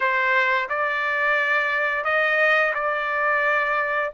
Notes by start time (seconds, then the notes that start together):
0.00 C5
0.69 D5
2.04 D#5
2.74 D5